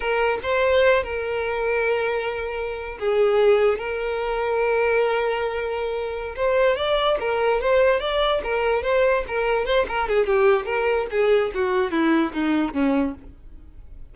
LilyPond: \new Staff \with { instrumentName = "violin" } { \time 4/4 \tempo 4 = 146 ais'4 c''4. ais'4.~ | ais'2.~ ais'16 gis'8.~ | gis'4~ gis'16 ais'2~ ais'8.~ | ais'2.~ ais'8 c''8~ |
c''8 d''4 ais'4 c''4 d''8~ | d''8 ais'4 c''4 ais'4 c''8 | ais'8 gis'8 g'4 ais'4 gis'4 | fis'4 e'4 dis'4 cis'4 | }